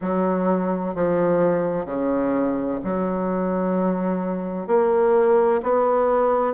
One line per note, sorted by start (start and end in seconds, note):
0.01 0.94 F#3
0.94 1.85 F3
1.85 2.79 C#3
2.84 4.67 F#3
4.67 5.61 A#3
5.62 6.53 B3